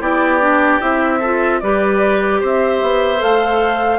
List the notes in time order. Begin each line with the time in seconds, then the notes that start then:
0.00 B3 E4 G4 D5
0.41 D4
0.80 C4 E4 E5
1.19 F4 A4
1.60 G3 G4 B4 D5
2.40 C4 C5 E5
2.82 B3
3.17 A3 A4 F5